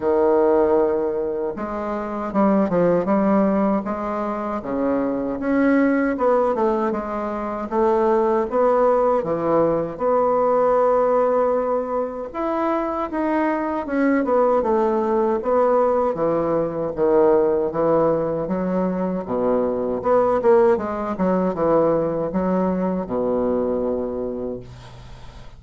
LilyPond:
\new Staff \with { instrumentName = "bassoon" } { \time 4/4 \tempo 4 = 78 dis2 gis4 g8 f8 | g4 gis4 cis4 cis'4 | b8 a8 gis4 a4 b4 | e4 b2. |
e'4 dis'4 cis'8 b8 a4 | b4 e4 dis4 e4 | fis4 b,4 b8 ais8 gis8 fis8 | e4 fis4 b,2 | }